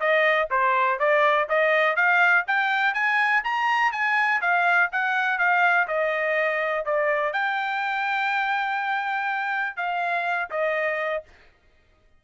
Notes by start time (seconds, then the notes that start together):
0.00 D#5
0.50 C5
0.99 D5
1.49 D#5
1.96 F5
2.47 G5
2.94 G#5
3.44 A#5
3.92 G#5
4.41 F5
4.92 F#5
5.38 F5
5.88 D#5
6.85 D5
7.33 G5
9.76 F5
10.50 D#5